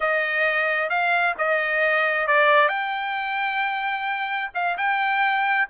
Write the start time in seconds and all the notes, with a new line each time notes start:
0.00 D#5
0.89 F5
1.38 D#5
2.27 D5
2.68 G5
4.54 F5
4.77 G5